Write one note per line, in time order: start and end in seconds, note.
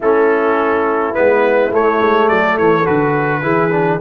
0.00 1.15 A3
0.00 1.14 C#4
0.00 2.27 E4
0.00 1.14 A4
1.14 1.71 G#3
1.14 1.71 B3
1.14 1.71 B4
1.71 2.00 A3
1.71 2.84 A3
1.71 2.28 C#5
2.00 2.29 G#3
2.28 2.58 F#3
2.28 3.42 A4
2.28 2.57 D5
2.57 2.87 E3
2.57 2.86 C#5
2.84 3.43 D3
2.84 3.41 F#4
2.84 4.00 B4
3.42 4.00 E3
3.42 3.70 E4
3.42 3.99 G#4
3.71 3.99 D4